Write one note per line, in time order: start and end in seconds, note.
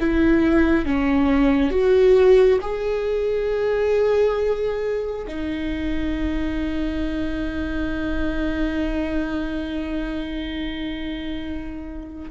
0.00 0.86 E4
0.86 1.71 C#4
1.71 2.59 F#4
2.61 5.26 G#4
5.27 12.30 D#4